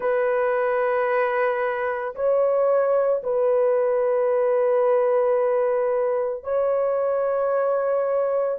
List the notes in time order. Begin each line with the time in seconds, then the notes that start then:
0.00 B4
2.15 C#5
3.23 B4
6.43 C#5